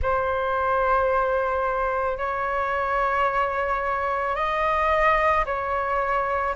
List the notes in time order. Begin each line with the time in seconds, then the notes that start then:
0.02 C5
2.17 C#5
4.35 D#5
5.45 C#5